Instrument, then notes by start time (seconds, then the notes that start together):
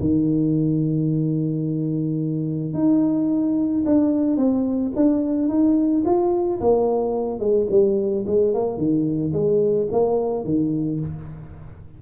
tuba
0.00 D#3
2.74 D#4
3.86 D4
4.37 C4
4.96 D4
5.48 D#4
6.05 F4
6.61 A#3
7.39 G#3
7.70 G3
8.27 G#3
8.54 A#3
8.77 D#3
9.33 G#3
9.92 A#3
10.44 D#3